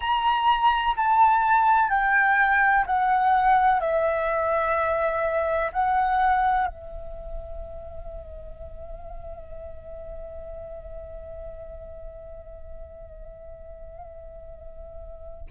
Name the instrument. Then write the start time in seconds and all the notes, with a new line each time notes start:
flute
0.00 A#5
0.96 A5
1.89 G5
2.86 F#5
3.80 E5
5.72 F#5
6.66 E5